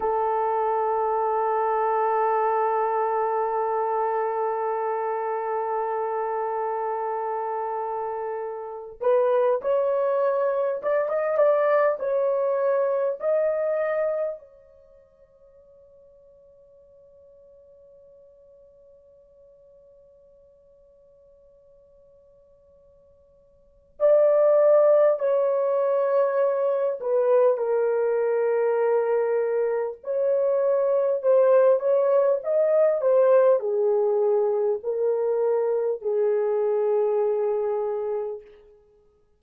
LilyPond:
\new Staff \with { instrumentName = "horn" } { \time 4/4 \tempo 4 = 50 a'1~ | a'2.~ a'8 b'8 | cis''4 d''16 dis''16 d''8 cis''4 dis''4 | cis''1~ |
cis''1 | d''4 cis''4. b'8 ais'4~ | ais'4 cis''4 c''8 cis''8 dis''8 c''8 | gis'4 ais'4 gis'2 | }